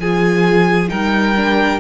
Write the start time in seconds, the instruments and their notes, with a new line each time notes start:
0.00 cello F3, viola F4, violin G#4 G#5
0.89 cello G3, viola D#4, violin A#4 G5
1.37 viola D4